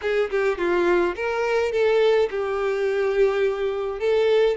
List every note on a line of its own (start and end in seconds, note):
0.01 0.30 G#4
0.30 0.58 G4
0.58 1.15 F4
1.15 1.72 A#4
1.72 2.29 A4
2.30 3.99 G4
3.99 4.56 A4